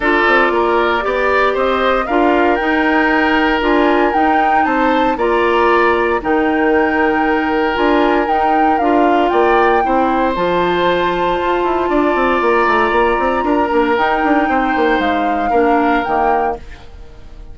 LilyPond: <<
  \new Staff \with { instrumentName = "flute" } { \time 4/4 \tempo 4 = 116 d''2. dis''4 | f''4 g''2 gis''4 | g''4 a''4 ais''2 | g''2. gis''4 |
g''4 f''4 g''2 | a''1 | ais''2. g''4~ | g''4 f''2 g''4 | }
  \new Staff \with { instrumentName = "oboe" } { \time 4/4 a'4 ais'4 d''4 c''4 | ais'1~ | ais'4 c''4 d''2 | ais'1~ |
ais'2 d''4 c''4~ | c''2. d''4~ | d''2 ais'2 | c''2 ais'2 | }
  \new Staff \with { instrumentName = "clarinet" } { \time 4/4 f'2 g'2 | f'4 dis'2 f'4 | dis'2 f'2 | dis'2. f'4 |
dis'4 f'2 e'4 | f'1~ | f'2~ f'8 d'8 dis'4~ | dis'2 d'4 ais4 | }
  \new Staff \with { instrumentName = "bassoon" } { \time 4/4 d'8 c'8 ais4 b4 c'4 | d'4 dis'2 d'4 | dis'4 c'4 ais2 | dis2. d'4 |
dis'4 d'4 ais4 c'4 | f2 f'8 e'8 d'8 c'8 | ais8 a8 ais8 c'8 d'8 ais8 dis'8 d'8 | c'8 ais8 gis4 ais4 dis4 | }
>>